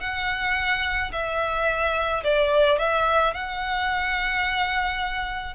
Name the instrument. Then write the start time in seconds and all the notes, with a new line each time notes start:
violin
0.00 F#5
1.12 E5
2.23 D5
2.78 E5
3.34 F#5